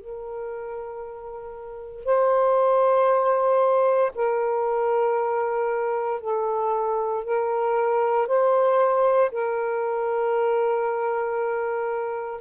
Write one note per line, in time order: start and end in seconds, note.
0.00 2.05 A#4
2.05 4.12 C5
4.15 6.21 A#4
6.21 7.24 A4
7.24 8.27 A#4
8.27 9.31 C5
9.32 12.41 A#4